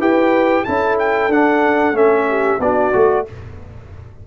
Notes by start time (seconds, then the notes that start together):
0.00 E4 G4 B4 G5
0.65 C#4 E4 A4 A5
1.00 G5
1.29 D4 F#5
1.93 A3 C#4 E5
2.29 G4
2.60 B3 D4 F#4 D5
2.93 A3 F#4